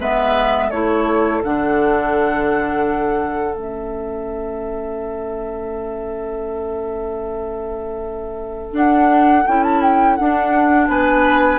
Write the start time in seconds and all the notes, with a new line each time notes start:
0.00 G#3 B3 B4 E5
0.69 A3 E4 A4 C#5
1.44 D3 D4 F#5
3.55 A3 C#4 E5
8.72 D4 F#5
9.47 C#4 E4 G5
9.64 A5
9.82 G5
10.17 D4 F#5
10.88 B3 B4 G#5